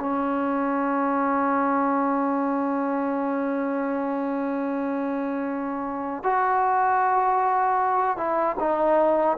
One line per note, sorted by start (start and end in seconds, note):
0.00 6.23 C#4
6.24 8.18 F#4
8.18 8.57 E4
8.60 9.38 D#4